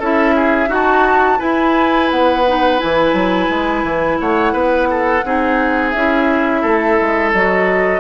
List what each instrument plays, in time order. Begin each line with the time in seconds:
0.00 bassoon C#4, clarinet E4, oboe A4, flute E5
0.36 oboe G#4
0.68 bassoon D#4, clarinet F#4, oboe F#4, flute A5
1.39 clarinet E4, bassoon E4, oboe B4, flute G#5
2.11 bassoon B3, flute F#5
2.48 clarinet D#4
2.78 bassoon E3, clarinet E4, flute G#5
3.14 bassoon F#3
3.50 bassoon G#3
3.84 bassoon E3
4.21 bassoon A3, oboe C#5, flute F#5
4.53 bassoon B3, oboe B4
4.91 oboe A4
5.25 bassoon C4, clarinet D#4, oboe G#4
5.91 bassoon C#4, clarinet E4, flute E5
6.62 bassoon A3, oboe A4
7.01 bassoon G#3
7.34 bassoon F#3, clarinet F#4, flute D#5